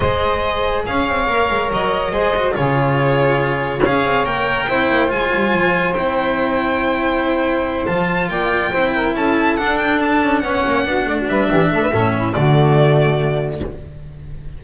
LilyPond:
<<
  \new Staff \with { instrumentName = "violin" } { \time 4/4 \tempo 4 = 141 dis''2 f''2 | dis''2 cis''2~ | cis''4 f''4 g''2 | gis''2 g''2~ |
g''2~ g''8 a''4 g''8~ | g''4. a''4 fis''8 g''8 a''8~ | a''8 fis''2 e''4.~ | e''4 d''2. | }
  \new Staff \with { instrumentName = "saxophone" } { \time 4/4 c''2 cis''2~ | cis''4 c''4 gis'2~ | gis'4 cis''2 c''4~ | c''1~ |
c''2.~ c''8 d''8~ | d''8 c''8 ais'8 a'2~ a'8~ | a'8 cis''4 fis'8 d''16 fis'16 b'8 g'8 a'16 b'16 | a'8 e'8 fis'2. | }
  \new Staff \with { instrumentName = "cello" } { \time 4/4 gis'2. ais'4~ | ais'4 gis'8 fis'8 f'2~ | f'4 gis'4 ais'4 e'4 | f'2 e'2~ |
e'2~ e'8 f'4.~ | f'8 e'2 d'4.~ | d'8 cis'4 d'2~ d'8 | cis'4 a2. | }
  \new Staff \with { instrumentName = "double bass" } { \time 4/4 gis2 cis'8 c'8 ais8 gis8 | fis4 gis4 cis2~ | cis4 cis'8 c'8 ais4 c'8 ais8 | gis8 g8 f4 c'2~ |
c'2~ c'8 f4 ais8~ | ais8 c'4 cis'4 d'4. | cis'8 b8 ais8 b8 a8 g8 e8 a8 | a,4 d2. | }
>>